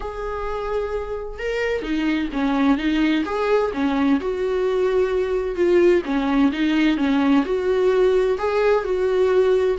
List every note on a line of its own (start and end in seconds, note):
0.00 1.38 G#4
1.38 1.82 A#4
1.82 2.29 D#4
2.33 2.77 C#4
2.77 3.23 D#4
3.25 3.71 G#4
3.73 4.20 C#4
4.20 5.55 F#4
5.55 6.02 F4
6.05 6.51 C#4
6.52 6.97 D#4
6.97 7.43 C#4
7.45 8.38 F#4
8.38 8.84 G#4
8.84 9.77 F#4